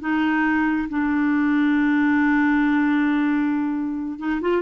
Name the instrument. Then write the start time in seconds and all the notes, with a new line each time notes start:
clarinet
0.00 D#4
0.89 D4
4.19 D#4
4.41 F4